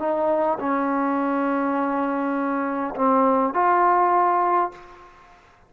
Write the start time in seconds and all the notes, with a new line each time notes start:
0.00 D#4
0.60 C#4
2.96 C4
3.54 F4